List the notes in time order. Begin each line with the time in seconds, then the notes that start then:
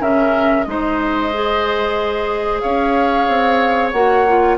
0.00 C#3 C#4 A#4 E5
0.63 G#3 D#4 D#5
0.70 C5
1.33 G#4
2.60 C#4 C#5 F5
3.28 C4
3.91 A#3 F#4 F#5
4.27 F4